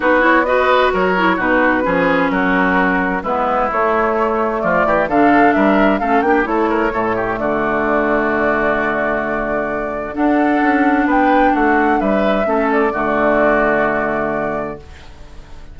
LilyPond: <<
  \new Staff \with { instrumentName = "flute" } { \time 4/4 \tempo 4 = 130 b'8 cis''8 dis''4 cis''4 b'4~ | b'4 ais'2 b'4 | cis''2 d''4 f''4 | e''4 f''8 g''8 cis''2 |
d''1~ | d''2 fis''2 | g''4 fis''4 e''4. d''8~ | d''1 | }
  \new Staff \with { instrumentName = "oboe" } { \time 4/4 fis'4 b'4 ais'4 fis'4 | gis'4 fis'2 e'4~ | e'2 f'8 g'8 a'4 | ais'4 a'8 g'8 a'8 ais'8 a'8 g'8 |
fis'1~ | fis'2 a'2 | b'4 fis'4 b'4 a'4 | fis'1 | }
  \new Staff \with { instrumentName = "clarinet" } { \time 4/4 dis'8 e'8 fis'4. e'8 dis'4 | cis'2. b4 | a2. d'4~ | d'4 cis'8 d'8 e'4 a4~ |
a1~ | a2 d'2~ | d'2. cis'4 | a1 | }
  \new Staff \with { instrumentName = "bassoon" } { \time 4/4 b2 fis4 b,4 | f4 fis2 gis4 | a2 f8 e8 d4 | g4 a8 ais8 a4 a,4 |
d1~ | d2 d'4 cis'4 | b4 a4 g4 a4 | d1 | }
>>